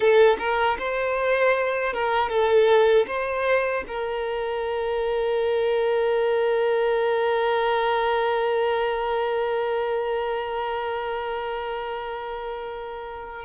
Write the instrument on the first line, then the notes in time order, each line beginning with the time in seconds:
violin
0.00 A4
0.38 A#4
0.78 C5
1.93 A#4
2.29 A4
3.07 C5
3.87 A#4